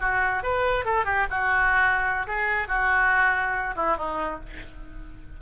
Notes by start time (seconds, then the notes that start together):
0.00 F#4
0.43 B4
0.85 A4
1.05 G4
1.30 F#4
2.27 G#4
2.68 F#4
3.76 E4
3.97 D#4